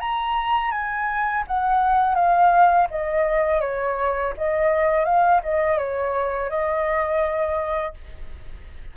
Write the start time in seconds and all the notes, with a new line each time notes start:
0.00 A#5
0.71 G#5
1.47 F#5
2.15 F5
2.90 D#5
3.61 C#5
4.38 D#5
5.05 F5
5.43 D#5
5.78 C#5
6.50 D#5